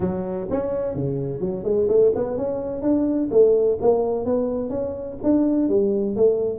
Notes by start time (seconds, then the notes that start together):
0.00 F#3
0.50 C#4
0.94 C#3
1.40 F#3
1.63 G#3
1.88 A3
2.15 B3
2.37 C#4
2.82 D4
3.31 A3
3.81 A#3
4.25 B3
4.69 C#4
5.23 D4
5.68 G3
6.16 A3